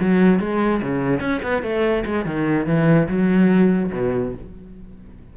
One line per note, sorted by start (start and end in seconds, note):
0.00 0.40 F#3
0.40 0.81 G#3
0.82 1.20 C#3
1.20 1.41 C#4
1.43 1.63 B3
1.63 2.04 A3
2.05 2.25 G#3
2.25 2.66 D#3
2.66 3.08 E3
3.08 3.91 F#3
3.92 4.34 B2